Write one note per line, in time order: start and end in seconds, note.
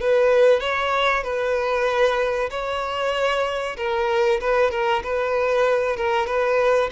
0.00 0.60 B4
0.60 1.23 C#5
1.23 2.50 B4
2.50 3.77 C#5
3.77 4.40 A#4
4.41 4.71 B4
4.71 5.03 A#4
5.03 5.97 B4
5.97 6.27 A#4
6.27 6.90 B4